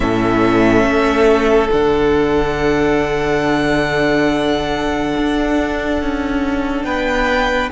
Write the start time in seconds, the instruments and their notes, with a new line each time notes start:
0.00 cello A2, viola C#4, violin A4 E5
0.83 cello A3
1.71 cello D3, viola D4, violin F#5
5.17 cello D4
6.01 cello C#4
6.83 cello B3, violin B4 G5